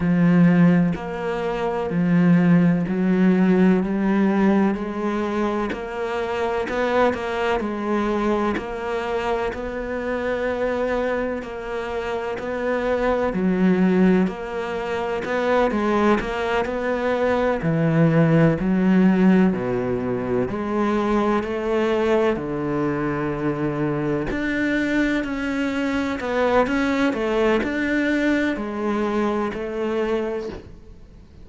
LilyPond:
\new Staff \with { instrumentName = "cello" } { \time 4/4 \tempo 4 = 63 f4 ais4 f4 fis4 | g4 gis4 ais4 b8 ais8 | gis4 ais4 b2 | ais4 b4 fis4 ais4 |
b8 gis8 ais8 b4 e4 fis8~ | fis8 b,4 gis4 a4 d8~ | d4. d'4 cis'4 b8 | cis'8 a8 d'4 gis4 a4 | }